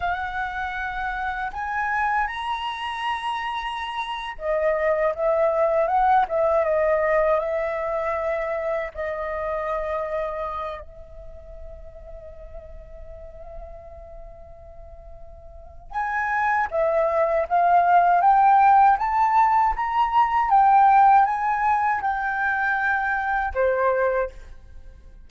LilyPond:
\new Staff \with { instrumentName = "flute" } { \time 4/4 \tempo 4 = 79 fis''2 gis''4 ais''4~ | ais''4.~ ais''16 dis''4 e''4 fis''16~ | fis''16 e''8 dis''4 e''2 dis''16~ | dis''2~ dis''16 e''4.~ e''16~ |
e''1~ | e''4 gis''4 e''4 f''4 | g''4 a''4 ais''4 g''4 | gis''4 g''2 c''4 | }